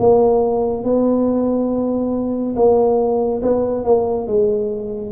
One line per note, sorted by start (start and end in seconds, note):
0.00 0.84 A#3
0.84 2.56 B3
2.56 3.42 A#3
3.42 3.85 B3
3.85 4.27 A#3
4.27 5.13 G#3